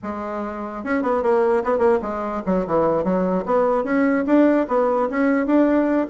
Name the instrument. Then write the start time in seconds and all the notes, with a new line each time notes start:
bassoon
0.02 G#3
0.84 C#4
1.02 B3
1.22 A#3
1.64 B3
1.78 A#3
2.02 G#3
2.46 F#3
2.66 E3
3.04 F#3
3.45 B3
3.84 C#4
4.26 D4
4.68 B3
5.10 C#4
5.46 D4